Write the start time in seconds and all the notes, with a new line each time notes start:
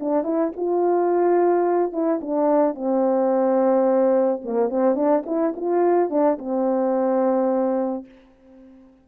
0.00 D4
0.23 E4
0.56 F4
1.92 E4
2.21 D4
2.74 C4
4.44 A#3
4.69 C4
4.95 D4
5.26 E4
5.56 F4
6.10 D4
6.38 C4